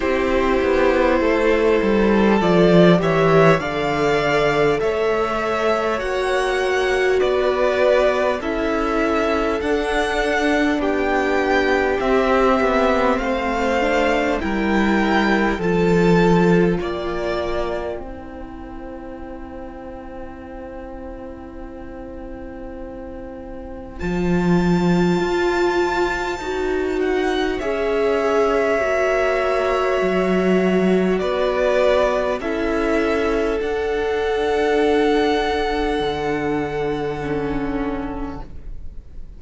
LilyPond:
<<
  \new Staff \with { instrumentName = "violin" } { \time 4/4 \tempo 4 = 50 c''2 d''8 e''8 f''4 | e''4 fis''4 d''4 e''4 | fis''4 g''4 e''4 f''4 | g''4 a''4 g''2~ |
g''1 | a''2~ a''8 fis''8 e''4~ | e''2 d''4 e''4 | fis''1 | }
  \new Staff \with { instrumentName = "violin" } { \time 4/4 g'4 a'4. cis''8 d''4 | cis''2 b'4 a'4~ | a'4 g'2 c''4 | ais'4 a'4 d''4 c''4~ |
c''1~ | c''2. cis''4~ | cis''2 b'4 a'4~ | a'1 | }
  \new Staff \with { instrumentName = "viola" } { \time 4/4 e'2 f'8 g'8 a'4~ | a'4 fis'2 e'4 | d'2 c'4. d'8 | e'4 f'2 e'4~ |
e'1 | f'2 fis'4 gis'4 | fis'2. e'4 | d'2. cis'4 | }
  \new Staff \with { instrumentName = "cello" } { \time 4/4 c'8 b8 a8 g8 f8 e8 d4 | a4 ais4 b4 cis'4 | d'4 b4 c'8 b8 a4 | g4 f4 ais4 c'4~ |
c'1 | f4 f'4 dis'4 cis'4 | ais4 fis4 b4 cis'4 | d'2 d2 | }
>>